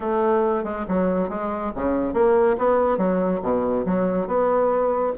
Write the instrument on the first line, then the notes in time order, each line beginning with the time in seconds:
bassoon
0.00 A3
0.64 G#3
0.87 F#3
1.29 G#3
1.75 C#3
2.13 A#3
2.58 B3
2.97 F#3
3.42 B2
3.85 F#3
4.27 B3